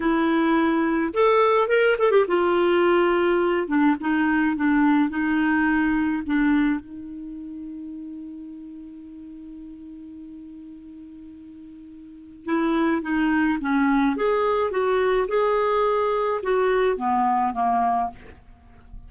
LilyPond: \new Staff \with { instrumentName = "clarinet" } { \time 4/4 \tempo 4 = 106 e'2 a'4 ais'8 a'16 g'16 | f'2~ f'8 d'8 dis'4 | d'4 dis'2 d'4 | dis'1~ |
dis'1~ | dis'2 e'4 dis'4 | cis'4 gis'4 fis'4 gis'4~ | gis'4 fis'4 b4 ais4 | }